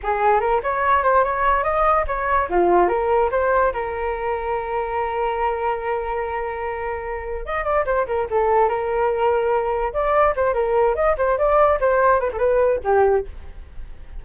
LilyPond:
\new Staff \with { instrumentName = "flute" } { \time 4/4 \tempo 4 = 145 gis'4 ais'8 cis''4 c''8 cis''4 | dis''4 cis''4 f'4 ais'4 | c''4 ais'2.~ | ais'1~ |
ais'2 dis''8 d''8 c''8 ais'8 | a'4 ais'2. | d''4 c''8 ais'4 dis''8 c''8 d''8~ | d''8 c''4 b'16 a'16 b'4 g'4 | }